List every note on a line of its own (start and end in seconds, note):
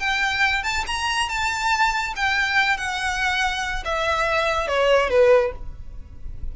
0.00 0.63 G5
0.63 0.85 A5
0.87 1.29 A#5
1.29 2.14 A5
2.16 2.78 G5
2.78 3.84 F#5
3.85 4.68 E5
4.68 5.10 C#5
5.10 5.52 B4